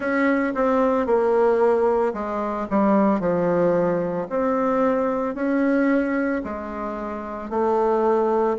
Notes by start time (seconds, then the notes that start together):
0.00 C#4
0.54 C4
1.06 A#3
2.13 G#3
2.69 G3
3.19 F3
4.29 C4
5.35 C#4
6.43 G#3
7.50 A3